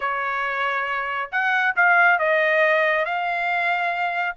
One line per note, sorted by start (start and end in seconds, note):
0.00 1.30 C#5
1.31 1.75 F#5
1.76 2.19 F5
2.19 3.05 D#5
3.05 4.35 F5